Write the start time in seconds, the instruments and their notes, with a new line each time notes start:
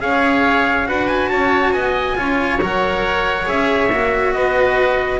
0.00 double bass C#4, cello G#4, oboe C#5, trumpet F5
0.85 double bass D4, cello F#4, oboe B4, trumpet F#5
1.08 trumpet G#5
1.29 double bass C#4, oboe C#5, trumpet A5
1.72 double bass B3, oboe D#5, trumpet G#5
2.15 double bass C#4, cello F4, oboe C#5
2.61 double bass F#3, cello A#4, trumpet F#5
3.45 double bass C#4, cello G#4, trumpet E5
3.91 double bass A#3, cello F#4
4.33 double bass B3, oboe B4, trumpet D#5